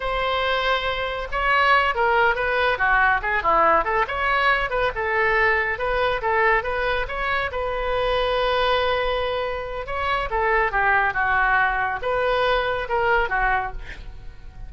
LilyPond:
\new Staff \with { instrumentName = "oboe" } { \time 4/4 \tempo 4 = 140 c''2. cis''4~ | cis''8 ais'4 b'4 fis'4 gis'8 | e'4 a'8 cis''4. b'8 a'8~ | a'4. b'4 a'4 b'8~ |
b'8 cis''4 b'2~ b'8~ | b'2. cis''4 | a'4 g'4 fis'2 | b'2 ais'4 fis'4 | }